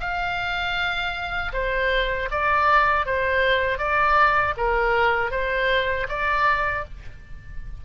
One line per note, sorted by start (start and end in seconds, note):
0.00 1.52 F5
1.53 2.29 C5
2.31 3.06 D5
3.06 3.78 C5
3.78 4.54 D5
4.57 5.31 A#4
5.31 6.07 C5
6.08 6.84 D5